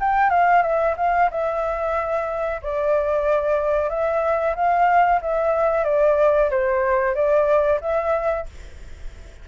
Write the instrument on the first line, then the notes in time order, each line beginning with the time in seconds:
flute
0.00 G5
0.30 F5
0.63 E5
0.97 F5
1.31 E5
2.62 D5
3.90 E5
4.56 F5
5.22 E5
5.85 D5
6.51 C5
7.15 D5
7.81 E5